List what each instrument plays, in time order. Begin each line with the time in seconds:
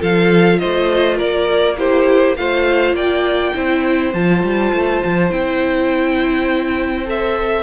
0.00 cello F3, viola F4, violin A4 F5
0.59 cello A3, violin C5 D#5
1.17 cello A#3, violin A#4 D5
1.77 viola E4, violin G4 C5
2.37 cello A3, viola F4, violin C5 F5
2.93 cello A#3, violin D5 G5
3.55 cello C4, viola E4, violin C5
4.14 cello F3, viola F4, violin A5
4.44 cello G3
4.73 cello A3
5.05 cello F3
5.31 cello C4, viola E4, violin G5
7.06 viola A4, violin E5